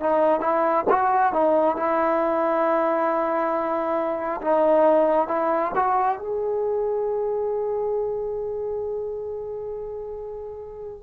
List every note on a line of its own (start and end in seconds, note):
0.00 0.41 D#4
0.41 0.85 E4
0.89 1.33 F#4
1.33 1.76 D#4
1.76 4.41 E4
4.41 5.28 D#4
5.28 5.72 E4
5.76 6.18 F#4
6.18 11.03 G#4